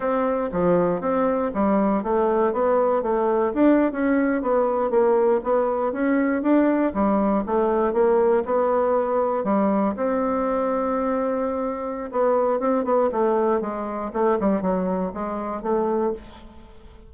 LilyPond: \new Staff \with { instrumentName = "bassoon" } { \time 4/4 \tempo 4 = 119 c'4 f4 c'4 g4 | a4 b4 a4 d'8. cis'16~ | cis'8. b4 ais4 b4 cis'16~ | cis'8. d'4 g4 a4 ais16~ |
ais8. b2 g4 c'16~ | c'1 | b4 c'8 b8 a4 gis4 | a8 g8 fis4 gis4 a4 | }